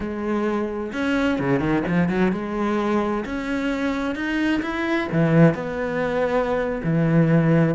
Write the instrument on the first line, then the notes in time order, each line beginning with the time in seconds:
cello
0.00 G#3
0.93 C#4
1.39 C#3
1.59 D#3
1.87 F3
2.09 F#3
2.32 G#3
3.25 C#4
4.15 D#4
4.62 E4
5.11 E3
5.54 B3
6.83 E3